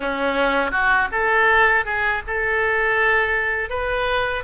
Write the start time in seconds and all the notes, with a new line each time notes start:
0.00 C#4
0.71 F#4
1.11 A4
1.85 G#4
2.26 A4
3.69 B4